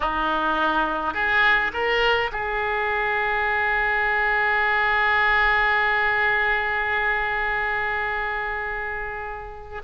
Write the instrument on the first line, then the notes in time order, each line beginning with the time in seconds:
oboe
0.00 D#4
1.14 G#4
1.73 A#4
2.32 G#4